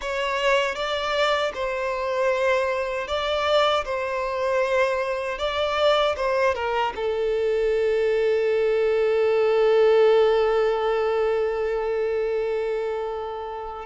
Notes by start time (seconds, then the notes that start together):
0.01 C#5
0.75 D5
1.54 C5
3.07 D5
3.84 C5
5.38 D5
6.16 C5
6.55 A#4
6.95 A4